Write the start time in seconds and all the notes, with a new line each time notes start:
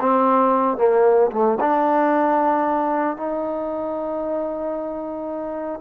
0.00 C4
0.78 A#3
1.32 A3
1.60 D4
3.17 D#4